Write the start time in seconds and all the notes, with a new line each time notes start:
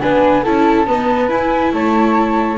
0.00 B3 D4 B4 G#5
0.43 C#4 E4 A4 A5
0.86 B3 D#4 B4
1.28 E4 G#5
1.72 A3 C#5 A5